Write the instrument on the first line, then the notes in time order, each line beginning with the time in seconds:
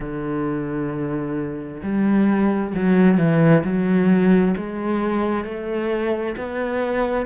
cello
0.00 D3
1.83 G3
2.74 F#3
3.17 E3
3.64 F#3
4.57 G#3
5.44 A3
6.36 B3